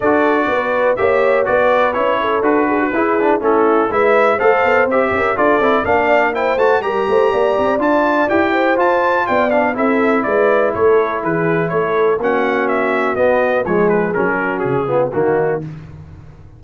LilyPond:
<<
  \new Staff \with { instrumentName = "trumpet" } { \time 4/4 \tempo 4 = 123 d''2 e''4 d''4 | cis''4 b'2 a'4 | e''4 f''4 e''4 d''4 | f''4 g''8 a''8 ais''2 |
a''4 g''4 a''4 g''8 f''8 | e''4 d''4 cis''4 b'4 | cis''4 fis''4 e''4 dis''4 | cis''8 b'8 ais'4 gis'4 fis'4 | }
  \new Staff \with { instrumentName = "horn" } { \time 4/4 a'4 b'4 cis''4 b'4~ | b'8 a'4 gis'16 fis'16 gis'4 e'4 | b'4 c''4. ais'8 a'4 | d''4 c''4 ais'8 c''8 d''4~ |
d''4. c''4. d''4 | a'4 b'4 a'4 gis'4 | a'4 fis'2. | gis'4. fis'4 f'8 dis'4 | }
  \new Staff \with { instrumentName = "trombone" } { \time 4/4 fis'2 g'4 fis'4 | e'4 fis'4 e'8 d'8 cis'4 | e'4 a'4 g'4 f'8 e'8 | d'4 e'8 fis'8 g'2 |
f'4 g'4 f'4. d'8 | e'1~ | e'4 cis'2 b4 | gis4 cis'4. b8 ais4 | }
  \new Staff \with { instrumentName = "tuba" } { \time 4/4 d'4 b4 ais4 b4 | cis'4 d'4 e'4 a4 | gis4 a8 b8 c'8 cis'8 d'8 c'8 | ais4. a8 g8 a8 ais8 c'8 |
d'4 e'4 f'4 b4 | c'4 gis4 a4 e4 | a4 ais2 b4 | f4 fis4 cis4 dis4 | }
>>